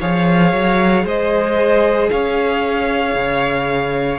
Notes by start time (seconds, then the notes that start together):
0.00 F3 G#4 C#5 F5
0.53 F#3
1.04 G#3 C5 D#5
2.09 C#4 C#5 F5
3.15 C#3